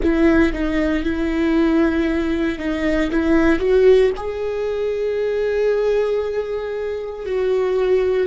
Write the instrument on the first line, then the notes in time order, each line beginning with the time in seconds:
viola
0.03 E4
0.52 D#4
1.03 E4
2.58 D#4
3.10 E4
3.59 F#4
4.16 G#4
7.25 F#4